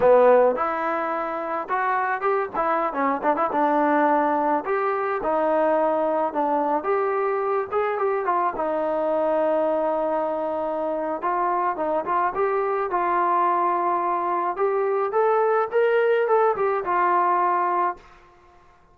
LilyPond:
\new Staff \with { instrumentName = "trombone" } { \time 4/4 \tempo 4 = 107 b4 e'2 fis'4 | g'8 e'8. cis'8 d'16 e'16 d'4.~ d'16~ | d'16 g'4 dis'2 d'8.~ | d'16 g'4. gis'8 g'8 f'8 dis'8.~ |
dis'1 | f'4 dis'8 f'8 g'4 f'4~ | f'2 g'4 a'4 | ais'4 a'8 g'8 f'2 | }